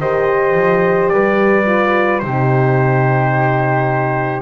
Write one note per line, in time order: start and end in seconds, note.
0.00 0.54 D#3
0.00 1.66 G4
0.00 1.12 C5
0.00 1.09 D#5
0.54 1.10 F3
1.09 2.23 G3
1.09 2.24 B4
1.09 2.20 D5
1.66 2.22 F4
2.20 4.43 C3
2.20 4.43 D#4
2.20 4.43 G4
2.20 4.42 C5